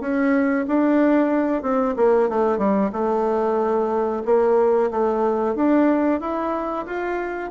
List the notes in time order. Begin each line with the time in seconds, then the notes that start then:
0.00 C#4
0.68 D4
1.62 C4
1.96 A#3
2.29 A3
2.58 G3
2.92 A3
4.25 A#3
4.91 A3
5.55 D4
6.20 E4
6.85 F4